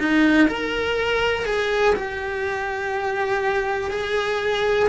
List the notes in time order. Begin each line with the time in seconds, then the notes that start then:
0.00 D#4
0.48 A#4
1.45 G#4
1.95 G4
3.91 G#4